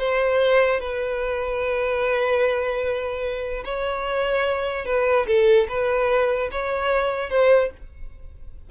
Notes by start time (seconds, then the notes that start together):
0.00 C5
0.81 B4
3.65 C#5
4.86 B4
5.27 A4
5.69 B4
6.52 C#5
7.30 C5